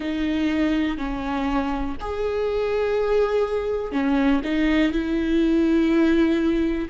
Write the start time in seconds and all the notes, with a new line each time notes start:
0.00 D#4
0.97 C#4
2.00 G#4
3.92 C#4
4.44 D#4
4.92 E4